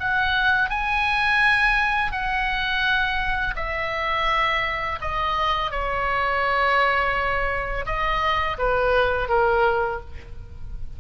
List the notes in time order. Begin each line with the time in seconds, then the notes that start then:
0.00 F#5
0.70 G#5
2.12 F#5
3.56 E5
5.01 D#5
5.71 C#5
7.86 D#5
8.58 B4
9.29 A#4